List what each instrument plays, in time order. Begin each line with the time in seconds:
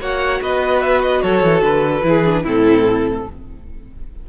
0.00 cello A#3, viola F#4, violin C#5 F#5
0.41 cello B3, violin B4 D#5
0.82 violin E5
1.02 violin D#5
1.22 cello F#3, violin A4 C#5
1.43 cello E3
1.61 cello D3, violin B4
2.03 cello E3, viola E4, violin G#4
2.26 viola D4
2.43 cello A2, viola C4, violin E4 A4